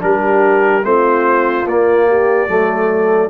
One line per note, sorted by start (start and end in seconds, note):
0.00 0.84 G3
0.00 0.82 D4
0.00 0.86 G4
0.00 0.85 A#4
0.83 1.65 A3
0.83 1.65 C4
0.83 2.08 F4
0.83 1.67 C5
1.65 2.47 A#3
1.65 2.48 A#3
1.65 3.30 D5
2.08 2.49 G4
2.48 3.30 F#3
2.48 3.30 A3
2.48 3.30 A4